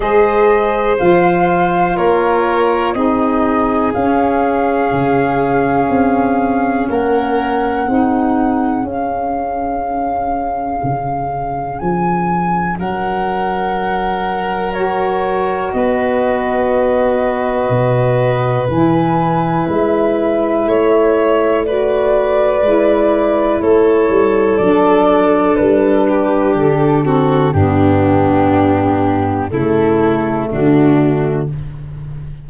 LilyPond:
<<
  \new Staff \with { instrumentName = "flute" } { \time 4/4 \tempo 4 = 61 dis''4 f''4 cis''4 dis''4 | f''2. fis''4~ | fis''4 f''2. | gis''4 fis''2 cis''4 |
dis''2. gis''4 | e''2 d''2 | cis''4 d''4 b'4 a'4 | g'2 a'4 fis'4 | }
  \new Staff \with { instrumentName = "violin" } { \time 4/4 c''2 ais'4 gis'4~ | gis'2. ais'4 | gis'1~ | gis'4 ais'2. |
b'1~ | b'4 cis''4 b'2 | a'2~ a'8 g'4 fis'8 | d'2 e'4 d'4 | }
  \new Staff \with { instrumentName = "saxophone" } { \time 4/4 gis'4 f'2 dis'4 | cis'1 | dis'4 cis'2.~ | cis'2. fis'4~ |
fis'2. e'4~ | e'2 fis'4 e'4~ | e'4 d'2~ d'8 c'8 | b2 a2 | }
  \new Staff \with { instrumentName = "tuba" } { \time 4/4 gis4 f4 ais4 c'4 | cis'4 cis4 c'4 ais4 | c'4 cis'2 cis4 | f4 fis2. |
b2 b,4 e4 | gis4 a2 gis4 | a8 g8 fis4 g4 d4 | g,2 cis4 d4 | }
>>